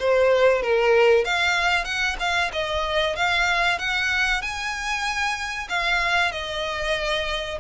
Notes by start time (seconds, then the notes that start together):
0.00 C5
0.63 A#4
1.25 F5
1.85 F#5
2.20 F5
2.53 D#5
3.16 F5
3.79 F#5
4.42 G#5
5.69 F5
6.32 D#5